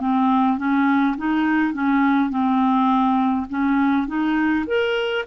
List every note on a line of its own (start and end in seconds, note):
0.00 0.57 C4
0.57 1.16 C#4
1.17 1.73 D#4
1.73 2.30 C#4
2.30 3.46 C4
3.49 4.07 C#4
4.07 4.65 D#4
4.67 5.25 A#4